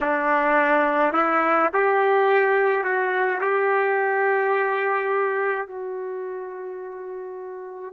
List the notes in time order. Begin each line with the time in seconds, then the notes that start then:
0.01 D4
1.13 E4
1.73 G4
2.83 F#4
3.41 G4
5.67 F#4